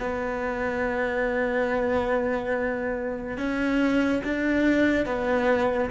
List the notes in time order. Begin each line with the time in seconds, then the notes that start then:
0.00 B3
3.38 C#4
4.24 D4
5.06 B3